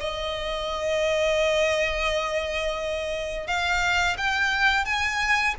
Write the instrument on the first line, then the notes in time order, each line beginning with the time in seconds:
violin
0.00 D#5
3.47 F5
4.17 G5
4.85 G#5